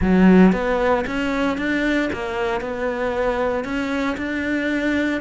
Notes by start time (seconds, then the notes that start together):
0.01 F#3
0.52 B3
1.06 C#4
1.57 D4
2.12 A#3
2.61 B3
3.64 C#4
4.17 D4